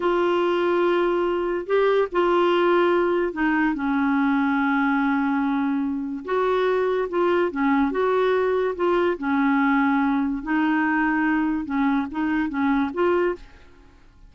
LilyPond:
\new Staff \with { instrumentName = "clarinet" } { \time 4/4 \tempo 4 = 144 f'1 | g'4 f'2. | dis'4 cis'2.~ | cis'2. fis'4~ |
fis'4 f'4 cis'4 fis'4~ | fis'4 f'4 cis'2~ | cis'4 dis'2. | cis'4 dis'4 cis'4 f'4 | }